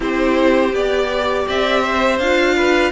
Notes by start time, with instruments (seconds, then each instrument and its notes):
0.00 cello C4, viola E4, violin G4 C5
0.73 cello B3, viola G4, violin D5
1.47 cello C4, violin D5 E5
1.82 violin C5
2.18 cello D4, viola F4, violin F5
2.55 violin B4